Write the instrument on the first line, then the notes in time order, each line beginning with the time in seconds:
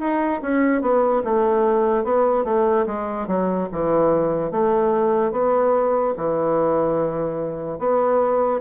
bassoon
0.00 D#4
0.42 C#4
0.82 B3
1.24 A3
2.04 B3
2.45 A3
2.87 G#3
3.28 F#3
3.72 E3
4.52 A3
5.32 B3
6.17 E3
7.79 B3